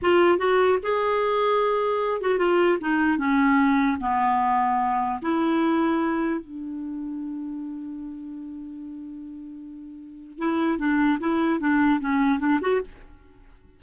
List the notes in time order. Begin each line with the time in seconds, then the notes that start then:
0.02 F4
0.38 F#4
0.83 G#4
2.21 F#4
2.38 F4
2.80 D#4
3.17 C#4
4.00 B3
5.22 E4
6.40 D4
10.38 E4
10.78 D4
11.19 E4
11.60 D4
12.00 C#4
12.39 D4
12.61 F#4